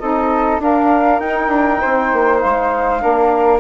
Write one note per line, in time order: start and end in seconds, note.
0.00 0.59 C4
0.00 0.60 D#4
0.00 0.61 A4
0.00 0.60 D#5
0.59 1.19 D4
0.59 1.21 D4
0.59 1.81 A#4
0.59 1.20 F5
1.19 1.48 D#4
1.19 3.00 D#4
1.19 2.40 G5
1.48 1.78 D4
1.81 2.13 C4
1.81 3.01 C5
2.13 2.43 A#3
2.40 3.04 G#3
2.40 3.60 F5
3.00 3.60 A#3
3.00 3.60 D4
3.00 3.60 A#4